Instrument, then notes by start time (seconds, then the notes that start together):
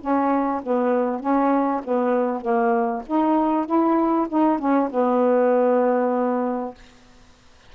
saxophone
0.00 C#4
0.63 B3
1.20 C#4
1.84 B3
2.41 A#3
3.06 D#4
3.66 E4
4.29 D#4
4.59 C#4
4.91 B3